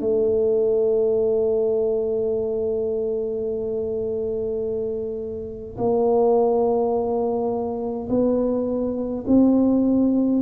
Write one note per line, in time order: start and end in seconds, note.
0.00 5.77 A3
5.77 8.08 A#3
8.09 9.25 B3
9.27 10.42 C4